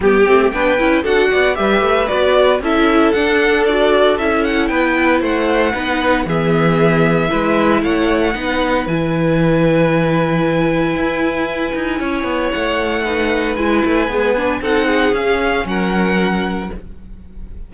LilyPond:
<<
  \new Staff \with { instrumentName = "violin" } { \time 4/4 \tempo 4 = 115 g'4 g''4 fis''4 e''4 | d''4 e''4 fis''4 d''4 | e''8 fis''8 g''4 fis''2 | e''2. fis''4~ |
fis''4 gis''2.~ | gis''1 | fis''2 gis''2 | fis''4 f''4 fis''2 | }
  \new Staff \with { instrumentName = "violin" } { \time 4/4 g'4 b'4 a'8 d''8 b'4~ | b'4 a'2.~ | a'4 b'4 c''4 b'4 | gis'2 b'4 cis''4 |
b'1~ | b'2. cis''4~ | cis''4 b'2. | a'8 gis'4. ais'2 | }
  \new Staff \with { instrumentName = "viola" } { \time 4/4 b8 c'8 d'8 e'8 fis'4 g'4 | fis'4 e'4 d'4 fis'4 | e'2. dis'4 | b2 e'2 |
dis'4 e'2.~ | e'1~ | e'4 dis'4 e'4 gis8 d'8 | dis'4 cis'2. | }
  \new Staff \with { instrumentName = "cello" } { \time 4/4 g8 a8 b8 cis'8 d'8 b8 g8 a8 | b4 cis'4 d'2 | cis'4 b4 a4 b4 | e2 gis4 a4 |
b4 e2.~ | e4 e'4. dis'8 cis'8 b8 | a2 gis8 a8 b4 | c'4 cis'4 fis2 | }
>>